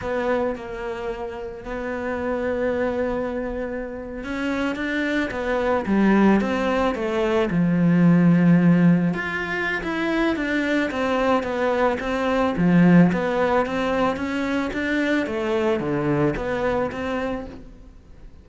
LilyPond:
\new Staff \with { instrumentName = "cello" } { \time 4/4 \tempo 4 = 110 b4 ais2 b4~ | b2.~ b8. cis'16~ | cis'8. d'4 b4 g4 c'16~ | c'8. a4 f2~ f16~ |
f8. f'4~ f'16 e'4 d'4 | c'4 b4 c'4 f4 | b4 c'4 cis'4 d'4 | a4 d4 b4 c'4 | }